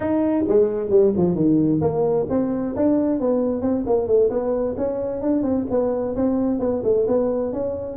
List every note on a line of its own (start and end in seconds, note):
0.00 0.44 D#4
0.48 0.90 G#3
0.90 1.12 G3
1.17 1.35 F3
1.35 1.80 D#3
1.81 2.26 A#3
2.29 2.75 C4
2.76 3.20 D4
3.20 3.61 B3
3.61 3.84 C4
3.86 4.07 A#3
4.07 4.29 A3
4.30 4.75 B3
4.77 5.21 C#4
5.21 5.42 D4
5.42 5.65 C4
5.70 6.15 B3
6.16 6.59 C4
6.59 6.82 B3
6.83 7.06 A3
7.07 7.52 B3
7.52 7.97 C#4